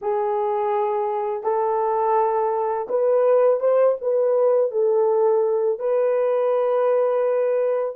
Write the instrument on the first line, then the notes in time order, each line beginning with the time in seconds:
horn
0.01 G#4
1.43 A4
2.88 B4
3.60 C5
4.01 B4
4.71 A4
5.79 B4